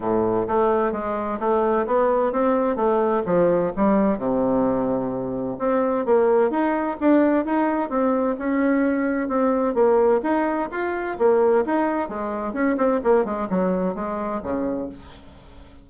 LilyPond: \new Staff \with { instrumentName = "bassoon" } { \time 4/4 \tempo 4 = 129 a,4 a4 gis4 a4 | b4 c'4 a4 f4 | g4 c2. | c'4 ais4 dis'4 d'4 |
dis'4 c'4 cis'2 | c'4 ais4 dis'4 f'4 | ais4 dis'4 gis4 cis'8 c'8 | ais8 gis8 fis4 gis4 cis4 | }